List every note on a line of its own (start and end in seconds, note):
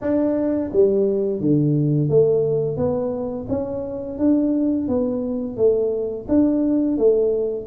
0.01 0.71 D4
0.72 1.40 G3
1.40 2.09 D3
2.09 2.76 A3
2.76 3.46 B3
3.49 4.18 C#4
4.18 4.88 D4
4.88 5.56 B3
5.56 6.26 A3
6.28 6.97 D4
6.97 7.66 A3